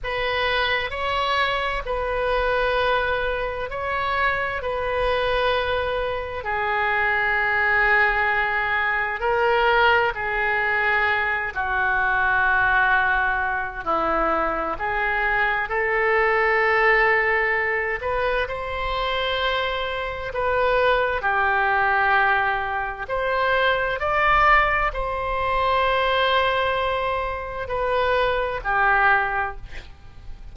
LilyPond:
\new Staff \with { instrumentName = "oboe" } { \time 4/4 \tempo 4 = 65 b'4 cis''4 b'2 | cis''4 b'2 gis'4~ | gis'2 ais'4 gis'4~ | gis'8 fis'2~ fis'8 e'4 |
gis'4 a'2~ a'8 b'8 | c''2 b'4 g'4~ | g'4 c''4 d''4 c''4~ | c''2 b'4 g'4 | }